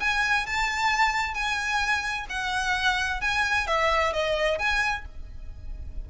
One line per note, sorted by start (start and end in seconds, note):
0.00 0.46 G#5
0.46 1.34 A5
1.34 2.26 G#5
2.30 3.21 F#5
3.21 3.67 G#5
3.67 4.13 E5
4.13 4.59 D#5
4.59 5.05 G#5